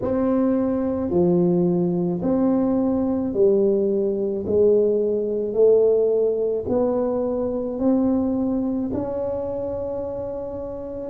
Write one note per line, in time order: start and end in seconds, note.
0.02 1.10 C4
1.10 2.21 F3
2.22 3.33 C4
3.33 4.44 G3
4.46 5.53 G#3
5.53 6.64 A3
6.68 7.79 B3
7.79 8.90 C4
8.93 11.10 C#4